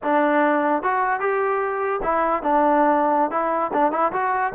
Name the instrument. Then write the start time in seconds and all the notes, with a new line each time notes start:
trombone
0.03 D4
0.83 F#4
1.20 G4
2.03 E4
2.42 D4
3.30 E4
3.73 D4
3.92 E4
4.12 F#4